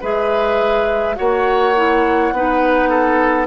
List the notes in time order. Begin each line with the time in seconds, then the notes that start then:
0.00 G#3 G#4 B4 E5
1.15 A#3 F#4 C#5 F#5
1.76 E4
2.32 B3 D#4 B4
2.89 A4